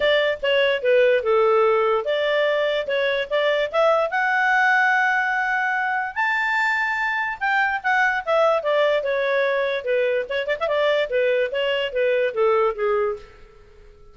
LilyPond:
\new Staff \with { instrumentName = "clarinet" } { \time 4/4 \tempo 4 = 146 d''4 cis''4 b'4 a'4~ | a'4 d''2 cis''4 | d''4 e''4 fis''2~ | fis''2. a''4~ |
a''2 g''4 fis''4 | e''4 d''4 cis''2 | b'4 cis''8 d''16 e''16 d''4 b'4 | cis''4 b'4 a'4 gis'4 | }